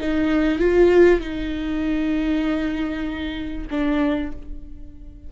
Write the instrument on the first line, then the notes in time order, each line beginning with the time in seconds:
viola
0.00 D#4
0.59 F4
1.20 D#4
3.70 D4